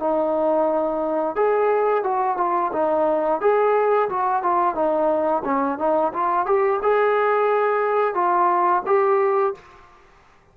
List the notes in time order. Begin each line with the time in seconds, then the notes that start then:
0.00 D#4
1.36 G#4
2.04 F#4
2.38 F4
2.73 D#4
3.41 G#4
4.10 F#4
4.43 F4
4.75 D#4
5.45 C#4
5.79 D#4
6.14 F4
6.46 G4
6.82 G#4
8.15 F4
8.86 G4